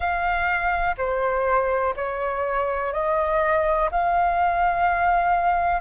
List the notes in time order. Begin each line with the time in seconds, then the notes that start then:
0.00 F5
0.97 C5
1.96 C#5
2.93 D#5
3.91 F5